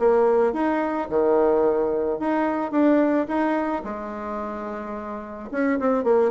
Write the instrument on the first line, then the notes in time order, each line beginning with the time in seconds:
bassoon
0.00 A#3
0.54 D#4
1.10 D#3
2.20 D#4
2.72 D4
3.28 D#4
3.85 G#3
5.52 C#4
5.80 C4
6.04 A#3